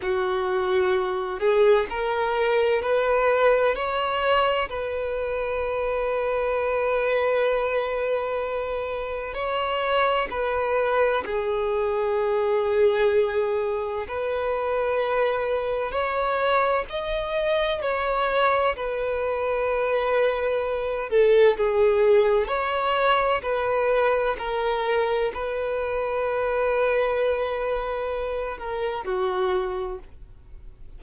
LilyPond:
\new Staff \with { instrumentName = "violin" } { \time 4/4 \tempo 4 = 64 fis'4. gis'8 ais'4 b'4 | cis''4 b'2.~ | b'2 cis''4 b'4 | gis'2. b'4~ |
b'4 cis''4 dis''4 cis''4 | b'2~ b'8 a'8 gis'4 | cis''4 b'4 ais'4 b'4~ | b'2~ b'8 ais'8 fis'4 | }